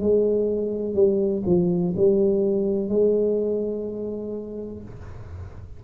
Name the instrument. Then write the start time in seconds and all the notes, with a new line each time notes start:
tuba
0.00 G#3
0.95 G3
1.46 F3
1.97 G3
2.89 G#3